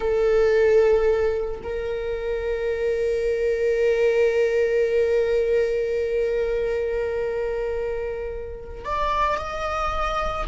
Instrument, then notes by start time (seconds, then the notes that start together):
viola
0.00 A4
1.63 A#4
8.85 D5
9.37 D#5